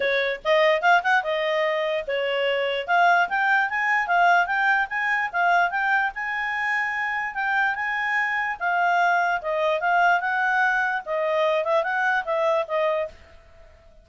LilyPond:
\new Staff \with { instrumentName = "clarinet" } { \time 4/4 \tempo 4 = 147 cis''4 dis''4 f''8 fis''8 dis''4~ | dis''4 cis''2 f''4 | g''4 gis''4 f''4 g''4 | gis''4 f''4 g''4 gis''4~ |
gis''2 g''4 gis''4~ | gis''4 f''2 dis''4 | f''4 fis''2 dis''4~ | dis''8 e''8 fis''4 e''4 dis''4 | }